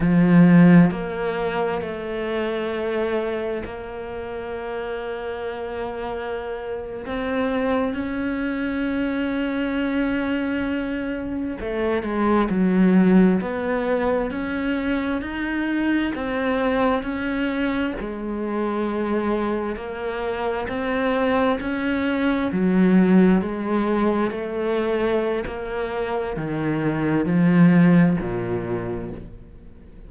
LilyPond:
\new Staff \with { instrumentName = "cello" } { \time 4/4 \tempo 4 = 66 f4 ais4 a2 | ais2.~ ais8. c'16~ | c'8. cis'2.~ cis'16~ | cis'8. a8 gis8 fis4 b4 cis'16~ |
cis'8. dis'4 c'4 cis'4 gis16~ | gis4.~ gis16 ais4 c'4 cis'16~ | cis'8. fis4 gis4 a4~ a16 | ais4 dis4 f4 ais,4 | }